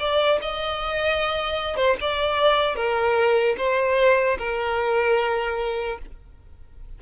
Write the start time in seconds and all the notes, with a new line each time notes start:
0.00 D5
0.42 D#5
1.77 C5
2.01 D5
2.76 A#4
3.58 C5
4.39 A#4